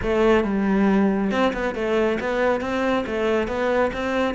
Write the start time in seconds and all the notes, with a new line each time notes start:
0.02 A3
0.44 G3
1.31 C4
1.53 B3
1.75 A3
2.20 B3
2.60 C4
3.06 A3
3.47 B3
3.93 C4